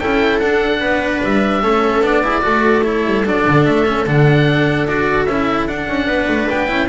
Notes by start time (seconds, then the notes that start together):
0.00 C#4 E4 A4 G5
0.40 D4 F#5
0.81 B3 B4
1.24 G3 E5
1.63 A3 C#4 A4
2.01 B3 D4 D5
2.24 E4 G#4
2.42 A3 F#4 A4
2.84 E4 C#5
3.06 G3
3.26 F#3 D4 D5
3.48 D3
3.65 A3 E5
3.86 C#4
4.07 D3 D4 F#5
4.87 D4 F#4 D5
5.25 C#4 E5
5.32 E4
5.68 D4 F#5
5.89 C#4
6.07 B3 B4
6.29 A3
6.49 B3 G5
6.67 C#4 E4